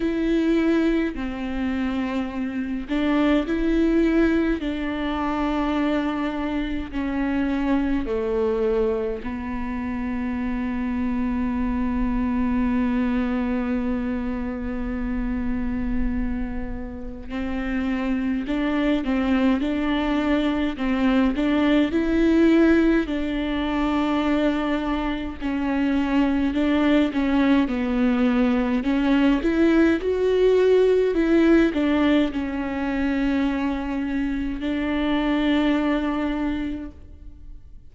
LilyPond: \new Staff \with { instrumentName = "viola" } { \time 4/4 \tempo 4 = 52 e'4 c'4. d'8 e'4 | d'2 cis'4 a4 | b1~ | b2. c'4 |
d'8 c'8 d'4 c'8 d'8 e'4 | d'2 cis'4 d'8 cis'8 | b4 cis'8 e'8 fis'4 e'8 d'8 | cis'2 d'2 | }